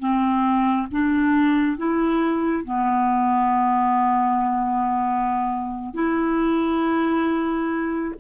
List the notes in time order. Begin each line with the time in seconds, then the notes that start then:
0.00 C4
0.92 D4
1.78 E4
2.65 B3
5.94 E4